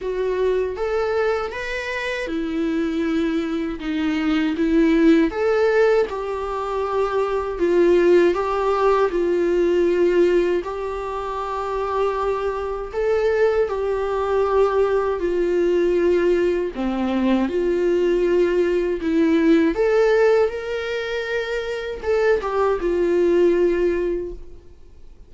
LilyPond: \new Staff \with { instrumentName = "viola" } { \time 4/4 \tempo 4 = 79 fis'4 a'4 b'4 e'4~ | e'4 dis'4 e'4 a'4 | g'2 f'4 g'4 | f'2 g'2~ |
g'4 a'4 g'2 | f'2 c'4 f'4~ | f'4 e'4 a'4 ais'4~ | ais'4 a'8 g'8 f'2 | }